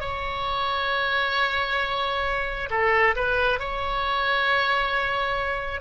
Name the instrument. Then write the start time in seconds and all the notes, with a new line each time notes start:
oboe
0.00 C#5
2.70 A4
3.15 B4
3.59 C#5